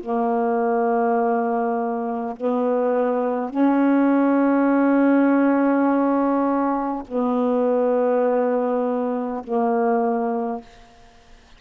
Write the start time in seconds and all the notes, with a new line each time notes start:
0.00 A#3
2.36 B3
3.50 C#4
7.07 B3
9.43 A#3